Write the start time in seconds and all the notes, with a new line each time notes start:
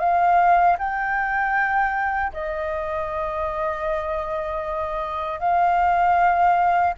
0.00 F5
0.79 G5
2.33 D#5
5.40 F5